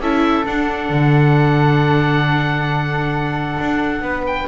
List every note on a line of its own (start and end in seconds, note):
0.00 0.45 C#4
0.00 0.45 E4
0.00 4.03 A4
0.00 0.46 E5
0.45 4.48 D4
0.45 0.90 D4
0.45 4.26 F#5
0.90 3.58 D3
3.60 4.01 D4
4.01 4.46 B3
4.01 4.48 B4
4.26 4.48 G5